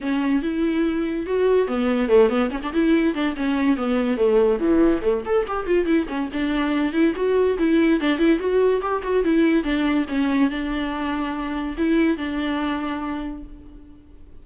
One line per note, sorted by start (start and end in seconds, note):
0.00 0.42 C#4
0.42 1.26 E4
1.26 1.67 F#4
1.67 2.08 B3
2.08 2.29 A3
2.29 2.50 B3
2.50 2.60 C#4
2.63 2.73 D4
2.73 3.14 E4
3.14 3.35 D4
3.36 3.76 C#4
3.76 4.17 B3
4.17 4.58 A3
4.59 5.01 E3
5.01 5.22 A3
5.25 5.46 A4
5.47 5.66 G4
5.66 5.85 F4
5.85 6.06 E4
6.08 6.29 C#4
6.32 6.92 D4
6.92 7.13 E4
7.15 7.57 F#4
7.58 8.00 E4
8.00 8.18 D4
8.18 8.39 E4
8.39 8.81 F#4
8.81 9.02 G4
9.02 9.23 F#4
9.23 9.63 E4
9.63 10.05 D4
10.08 10.50 C#4
10.50 11.75 D4
11.77 12.17 E4
12.17 13.43 D4